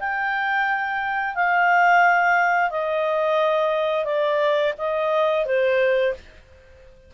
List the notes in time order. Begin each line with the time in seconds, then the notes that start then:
0.00 G5
1.36 F5
2.71 D#5
4.05 D5
4.79 D#5
5.46 C5